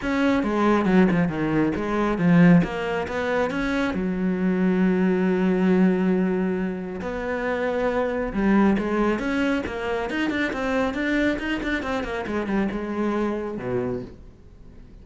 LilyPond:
\new Staff \with { instrumentName = "cello" } { \time 4/4 \tempo 4 = 137 cis'4 gis4 fis8 f8 dis4 | gis4 f4 ais4 b4 | cis'4 fis2.~ | fis1 |
b2. g4 | gis4 cis'4 ais4 dis'8 d'8 | c'4 d'4 dis'8 d'8 c'8 ais8 | gis8 g8 gis2 b,4 | }